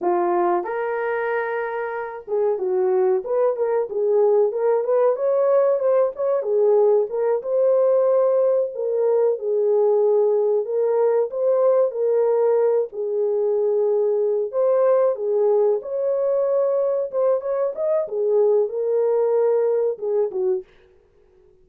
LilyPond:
\new Staff \with { instrumentName = "horn" } { \time 4/4 \tempo 4 = 93 f'4 ais'2~ ais'8 gis'8 | fis'4 b'8 ais'8 gis'4 ais'8 b'8 | cis''4 c''8 cis''8 gis'4 ais'8 c''8~ | c''4. ais'4 gis'4.~ |
gis'8 ais'4 c''4 ais'4. | gis'2~ gis'8 c''4 gis'8~ | gis'8 cis''2 c''8 cis''8 dis''8 | gis'4 ais'2 gis'8 fis'8 | }